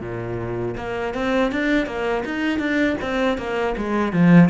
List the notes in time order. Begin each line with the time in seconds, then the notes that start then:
0.00 A#2
0.77 A#3
1.14 C4
1.51 D4
1.86 A#3
2.25 D#4
2.58 D4
3.01 C4
3.38 A#3
3.77 G#3
4.12 F3